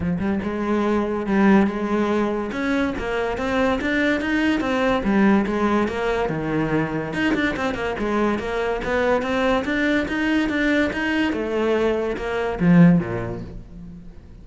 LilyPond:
\new Staff \with { instrumentName = "cello" } { \time 4/4 \tempo 4 = 143 f8 g8 gis2 g4 | gis2 cis'4 ais4 | c'4 d'4 dis'4 c'4 | g4 gis4 ais4 dis4~ |
dis4 dis'8 d'8 c'8 ais8 gis4 | ais4 b4 c'4 d'4 | dis'4 d'4 dis'4 a4~ | a4 ais4 f4 ais,4 | }